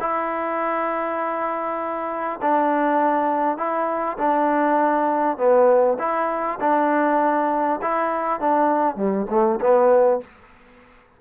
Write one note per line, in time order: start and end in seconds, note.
0.00 2.40 E4
2.42 3.57 D4
3.57 4.17 E4
4.18 5.37 D4
5.37 5.97 B3
5.99 6.59 E4
6.60 7.80 D4
7.81 8.40 E4
8.40 8.96 D4
8.96 9.26 G3
9.29 9.59 A3
9.61 10.21 B3